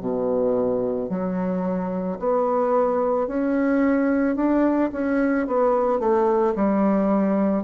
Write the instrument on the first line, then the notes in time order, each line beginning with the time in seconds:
bassoon
0.00 B2
1.09 F#3
2.19 B3
3.27 C#4
4.35 D4
4.92 C#4
5.46 B3
6.00 A3
6.55 G3